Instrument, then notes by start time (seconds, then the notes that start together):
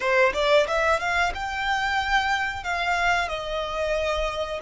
violin
0.00 C5
0.33 D5
0.67 E5
0.99 F5
1.34 G5
2.63 F5
3.28 D#5